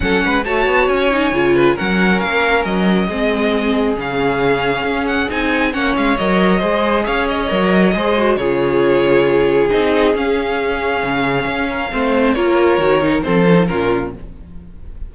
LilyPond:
<<
  \new Staff \with { instrumentName = "violin" } { \time 4/4 \tempo 4 = 136 fis''4 a''4 gis''2 | fis''4 f''4 dis''2~ | dis''4 f''2~ f''8 fis''8 | gis''4 fis''8 f''8 dis''2 |
f''8 dis''2~ dis''8 cis''4~ | cis''2 dis''4 f''4~ | f''1 | cis''2 c''4 ais'4 | }
  \new Staff \with { instrumentName = "violin" } { \time 4/4 a'8 b'8 cis''2~ cis''8 b'8 | ais'2. gis'4~ | gis'1~ | gis'4 cis''2 c''4 |
cis''2 c''4 gis'4~ | gis'1~ | gis'2~ gis'8 ais'8 c''4 | ais'2 a'4 f'4 | }
  \new Staff \with { instrumentName = "viola" } { \time 4/4 cis'4 fis'4. dis'8 f'4 | cis'2. c'4~ | c'4 cis'2. | dis'4 cis'4 ais'4 gis'4~ |
gis'4 ais'4 gis'8 fis'8 f'4~ | f'2 dis'4 cis'4~ | cis'2. c'4 | f'4 fis'8 dis'8 c'8 cis'16 dis'16 cis'4 | }
  \new Staff \with { instrumentName = "cello" } { \time 4/4 fis8 gis8 a8 b8 cis'4 cis4 | fis4 ais4 fis4 gis4~ | gis4 cis2 cis'4 | c'4 ais8 gis8 fis4 gis4 |
cis'4 fis4 gis4 cis4~ | cis2 c'4 cis'4~ | cis'4 cis4 cis'4 a4 | ais4 dis4 f4 ais,4 | }
>>